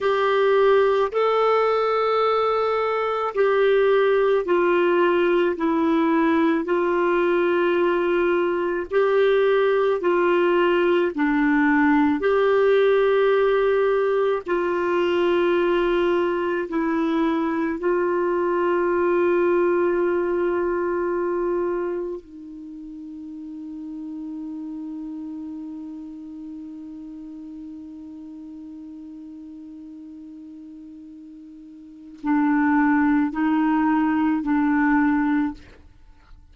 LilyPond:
\new Staff \with { instrumentName = "clarinet" } { \time 4/4 \tempo 4 = 54 g'4 a'2 g'4 | f'4 e'4 f'2 | g'4 f'4 d'4 g'4~ | g'4 f'2 e'4 |
f'1 | dis'1~ | dis'1~ | dis'4 d'4 dis'4 d'4 | }